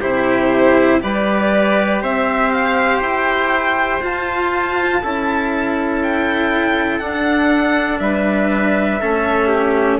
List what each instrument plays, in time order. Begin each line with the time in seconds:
0.00 bassoon C3, cello E4, trumpet G4, violin C5
1.00 bassoon G3, cello G4, trumpet B4, violin D5
2.01 bassoon C4, trumpet C5, violin E5
2.52 violin F5
3.01 bassoon E4, violin G5
4.00 bassoon F4, cello F4, violin A5
5.03 bassoon C#4, cello E4, trumpet A4
6.02 violin G5
6.98 bassoon D4, cello D4, violin F#5
7.99 bassoon G3, trumpet B4, violin E5
9.00 bassoon A3, cello C#4, trumpet A4
9.47 trumpet G4